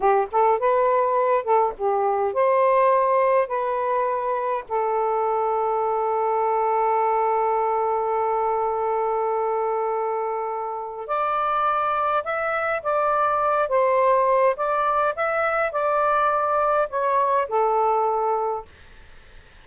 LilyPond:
\new Staff \with { instrumentName = "saxophone" } { \time 4/4 \tempo 4 = 103 g'8 a'8 b'4. a'8 g'4 | c''2 b'2 | a'1~ | a'1~ |
a'2. d''4~ | d''4 e''4 d''4. c''8~ | c''4 d''4 e''4 d''4~ | d''4 cis''4 a'2 | }